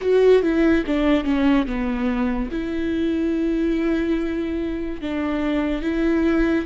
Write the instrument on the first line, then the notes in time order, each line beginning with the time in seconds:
viola
0.01 F#4
0.42 E4
0.86 D4
1.24 C#4
1.66 B3
2.51 E4
5.01 D4
5.82 E4